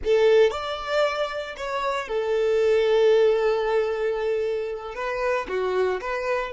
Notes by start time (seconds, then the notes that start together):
0.04 A4
0.51 D5
1.56 C#5
2.08 A4
4.94 B4
5.48 F#4
6.00 B4